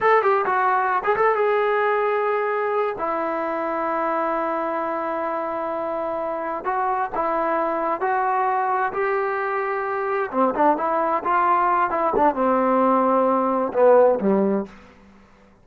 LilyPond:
\new Staff \with { instrumentName = "trombone" } { \time 4/4 \tempo 4 = 131 a'8 g'8 fis'4~ fis'16 gis'16 a'8 gis'4~ | gis'2~ gis'8 e'4.~ | e'1~ | e'2~ e'8 fis'4 e'8~ |
e'4. fis'2 g'8~ | g'2~ g'8 c'8 d'8 e'8~ | e'8 f'4. e'8 d'8 c'4~ | c'2 b4 g4 | }